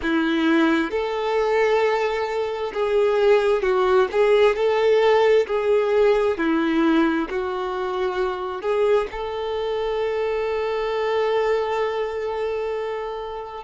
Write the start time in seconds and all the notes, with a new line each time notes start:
0.02 E4
0.90 A4
2.73 G#4
3.62 F#4
4.12 G#4
4.55 A4
5.47 G#4
6.37 E4
7.29 F#4
8.61 G#4
9.11 A4